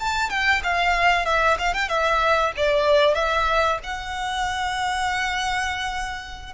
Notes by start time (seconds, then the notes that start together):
0.00 A5
0.30 G5
0.64 F5
1.26 E5
1.59 F5
1.74 G5
1.89 E5
2.57 D5
3.15 E5
3.84 F#5